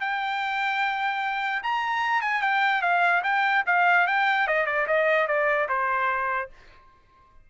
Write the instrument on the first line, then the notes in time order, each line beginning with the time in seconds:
trumpet
0.00 G5
1.63 A#5
2.21 G#5
2.42 G5
2.81 F5
3.23 G5
3.66 F5
4.07 G5
4.47 D#5
4.66 D5
4.86 D#5
5.27 D5
5.68 C5